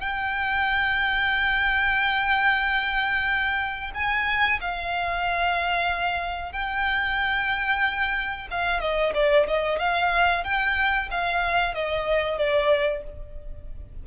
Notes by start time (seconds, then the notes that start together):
0.00 G5
3.94 G#5
4.61 F5
6.52 G5
8.50 F5
8.80 D#5
9.14 D5
9.47 D#5
9.79 F5
10.44 G5
11.11 F5
11.74 D#5
12.38 D5